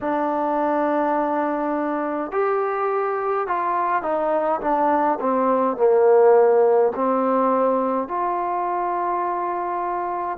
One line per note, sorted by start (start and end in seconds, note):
0.01 2.31 D4
2.31 3.47 G4
3.47 4.02 F4
4.02 4.60 D#4
4.60 5.18 D4
5.20 5.76 C4
5.76 6.92 A#3
6.95 8.08 C4
8.08 10.37 F4